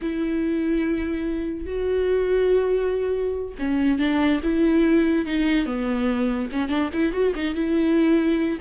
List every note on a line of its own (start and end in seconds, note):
0.01 1.66 E4
1.66 3.54 F#4
3.58 3.98 C#4
3.98 4.40 D4
4.43 5.25 E4
5.25 5.65 D#4
5.65 6.49 B3
6.52 6.68 C#4
6.68 6.89 D4
6.93 7.12 E4
7.12 7.33 F#4
7.35 7.54 D#4
7.54 8.59 E4